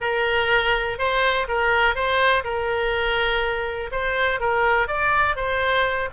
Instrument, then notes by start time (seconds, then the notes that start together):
oboe
0.00 A#4
0.98 C5
1.47 A#4
1.95 C5
2.43 A#4
3.91 C5
4.40 A#4
4.87 D5
5.35 C5